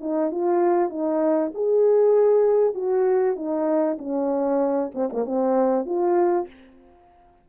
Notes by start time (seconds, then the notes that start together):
0.00 D#4
0.31 F4
0.89 D#4
1.54 G#4
2.74 F#4
3.36 D#4
3.98 C#4
4.94 C4
5.13 A#3
5.25 C4
5.85 F4